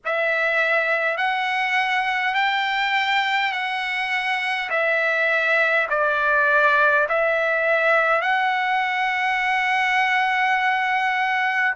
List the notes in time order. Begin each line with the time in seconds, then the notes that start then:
0.05 E5
1.17 F#5
2.34 G5
3.52 F#5
4.70 E5
5.90 D5
7.09 E5
8.21 F#5